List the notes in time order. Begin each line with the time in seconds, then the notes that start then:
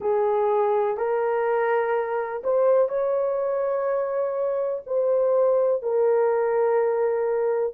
0.00 G#4
0.97 A#4
2.43 C5
2.89 C#5
4.86 C5
5.82 A#4